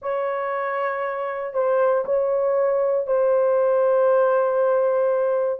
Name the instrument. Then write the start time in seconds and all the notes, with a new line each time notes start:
horn
0.02 C#5
1.53 C5
2.05 C#5
3.06 C5